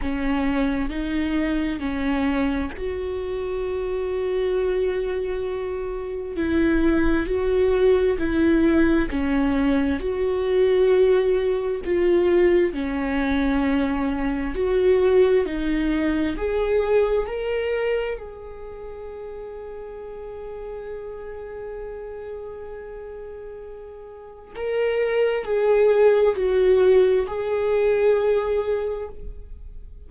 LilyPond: \new Staff \with { instrumentName = "viola" } { \time 4/4 \tempo 4 = 66 cis'4 dis'4 cis'4 fis'4~ | fis'2. e'4 | fis'4 e'4 cis'4 fis'4~ | fis'4 f'4 cis'2 |
fis'4 dis'4 gis'4 ais'4 | gis'1~ | gis'2. ais'4 | gis'4 fis'4 gis'2 | }